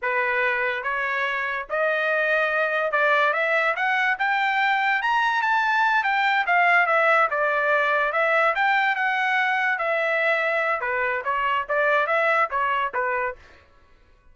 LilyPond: \new Staff \with { instrumentName = "trumpet" } { \time 4/4 \tempo 4 = 144 b'2 cis''2 | dis''2. d''4 | e''4 fis''4 g''2 | ais''4 a''4. g''4 f''8~ |
f''8 e''4 d''2 e''8~ | e''8 g''4 fis''2 e''8~ | e''2 b'4 cis''4 | d''4 e''4 cis''4 b'4 | }